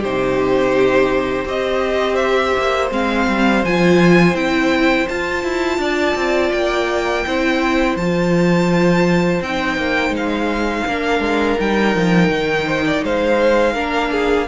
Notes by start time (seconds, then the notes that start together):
0.00 C3 D#4 G4 C5
1.45 C4 G4 C5 D#5
2.16 E5
2.58 A#3
2.91 G#3 C4 F5
3.28 G3
3.65 F3 F4 G#5
4.34 C4 E4 G5
5.08 F4 A5
5.44 E4
5.78 D4 D5
6.15 C4
6.52 A#3 G5
7.26 C4 E4 C5
7.96 F3 A5
8.02 F4
9.41 C4 D#4 G5
9.77 A#3
10.10 G#3
10.17 F5
10.87 A#3 D4 A#4
11.20 G#3
11.59 G3 D#4 G5
11.95 F3
12.30 D#3
12.67 C5
12.87 D5
13.04 G#3 C5 F5
13.73 A#3 D4 A#4
14.11 G#4